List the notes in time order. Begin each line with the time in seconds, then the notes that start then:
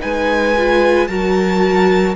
0.00 G#3 D#4 B4 G#5
0.58 F4
1.08 F#3 F#4 A#4 A5